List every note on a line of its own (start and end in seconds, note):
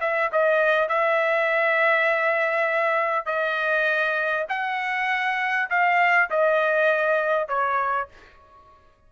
0.00 0.30 E5
0.32 0.88 D#5
0.88 3.26 E5
3.26 4.46 D#5
4.49 5.69 F#5
5.69 6.29 F5
6.30 7.48 D#5
7.48 8.08 C#5